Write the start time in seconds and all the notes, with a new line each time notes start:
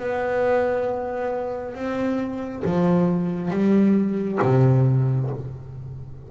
0.00 B3
1.75 C4
2.65 F3
3.51 G3
4.42 C3